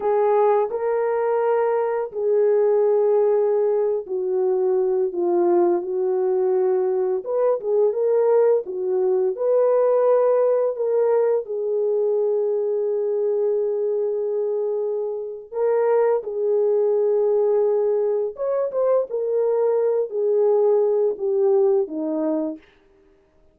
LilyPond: \new Staff \with { instrumentName = "horn" } { \time 4/4 \tempo 4 = 85 gis'4 ais'2 gis'4~ | gis'4.~ gis'16 fis'4. f'8.~ | f'16 fis'2 b'8 gis'8 ais'8.~ | ais'16 fis'4 b'2 ais'8.~ |
ais'16 gis'2.~ gis'8.~ | gis'2 ais'4 gis'4~ | gis'2 cis''8 c''8 ais'4~ | ais'8 gis'4. g'4 dis'4 | }